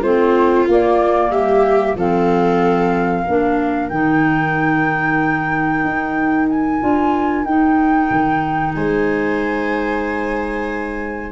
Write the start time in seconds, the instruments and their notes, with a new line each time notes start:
0.00 tuba A3, clarinet C4, viola F4, flute C5
0.67 tuba A#3, clarinet A#3, flute D5
1.30 tuba G3, viola G4, flute E5
1.95 tuba F3, clarinet C4, viola A4, flute F5
3.22 tuba A#3, clarinet D4, viola A#4
3.89 tuba D#3, clarinet D#4, flute G5
5.84 tuba D#4
6.49 flute G#5
6.80 tuba D4, clarinet F4
7.44 tuba D#4, clarinet D#4, flute G5
8.11 tuba D#3
8.75 tuba G#3, viola C5, flute G#5